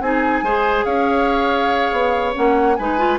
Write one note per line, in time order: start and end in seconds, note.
0.00 0.42 C4
0.00 0.45 D#4
0.00 0.44 G#4
0.00 0.84 G#5
0.42 0.84 G#3
0.42 2.34 G#4
0.42 0.85 C5
0.84 1.91 C#4
0.84 2.76 C#5
0.84 2.33 F5
1.91 2.34 B3
2.34 2.78 A#3
2.34 2.76 C#4
2.34 2.75 F#5
2.75 3.18 G#3
2.75 2.98 D#4
2.75 3.18 B4
2.75 3.18 G#5
2.98 3.18 F4